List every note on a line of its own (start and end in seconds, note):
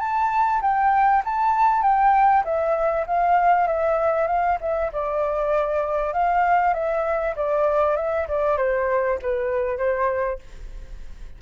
0.00 0.61 A5
0.62 1.23 G5
1.25 1.83 A5
1.83 2.44 G5
2.45 3.06 E5
3.07 3.68 F5
3.68 4.28 E5
4.28 4.58 F5
4.61 4.92 E5
4.93 6.13 D5
6.13 6.74 F5
6.74 7.35 E5
7.36 7.97 D5
7.97 8.28 E5
8.28 8.58 D5
8.58 9.19 C5
9.22 9.78 B4
9.78 10.39 C5